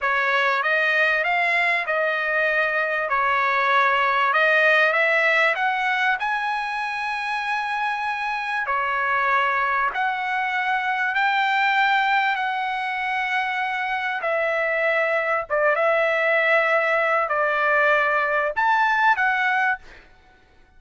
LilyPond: \new Staff \with { instrumentName = "trumpet" } { \time 4/4 \tempo 4 = 97 cis''4 dis''4 f''4 dis''4~ | dis''4 cis''2 dis''4 | e''4 fis''4 gis''2~ | gis''2 cis''2 |
fis''2 g''2 | fis''2. e''4~ | e''4 d''8 e''2~ e''8 | d''2 a''4 fis''4 | }